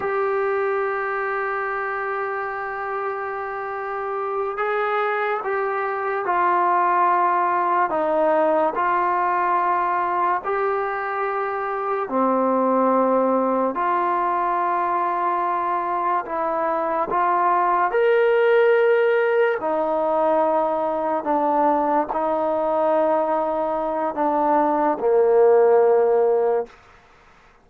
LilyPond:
\new Staff \with { instrumentName = "trombone" } { \time 4/4 \tempo 4 = 72 g'1~ | g'4. gis'4 g'4 f'8~ | f'4. dis'4 f'4.~ | f'8 g'2 c'4.~ |
c'8 f'2. e'8~ | e'8 f'4 ais'2 dis'8~ | dis'4. d'4 dis'4.~ | dis'4 d'4 ais2 | }